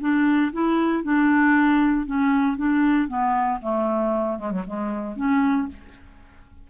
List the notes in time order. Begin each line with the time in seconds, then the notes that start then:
0.00 D4
0.52 E4
1.03 D4
2.06 C#4
2.57 D4
3.08 B3
3.61 A3
4.39 G#3
4.51 F#3
4.67 G#3
5.16 C#4